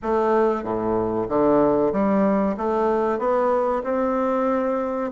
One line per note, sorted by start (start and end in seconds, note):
0.02 0.63 A3
0.63 1.27 A2
1.29 1.92 D3
1.92 2.56 G3
2.57 3.18 A3
3.18 3.82 B3
3.83 5.11 C4